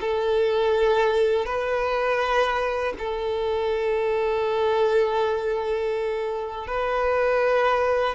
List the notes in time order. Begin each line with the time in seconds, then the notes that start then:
0.00 A4
1.45 B4
2.98 A4
6.67 B4